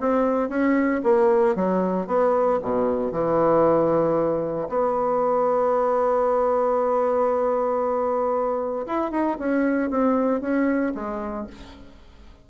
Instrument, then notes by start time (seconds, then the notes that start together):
bassoon
0.00 C4
0.49 C#4
1.03 A#3
1.55 F#3
2.07 B3
2.62 B2
3.12 E3
4.69 B3
8.86 E4
9.11 D#4
9.38 C#4
9.90 C4
10.41 C#4
10.94 G#3